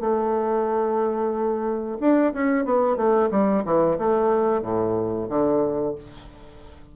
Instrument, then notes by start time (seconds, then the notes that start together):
bassoon
0.00 A3
2.00 D4
2.33 C#4
2.65 B3
2.96 A3
3.31 G3
3.65 E3
3.98 A3
4.62 A2
5.29 D3